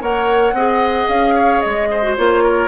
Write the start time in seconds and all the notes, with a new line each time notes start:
0.00 A#3 A#4 C#5 F#5
0.53 C4 G#4 D#5
1.09 C#4 F5
1.34 C#5
1.61 G#3 D#5
1.91 C5
2.03 F#4
2.17 A#3 F4 C#5
2.44 A#4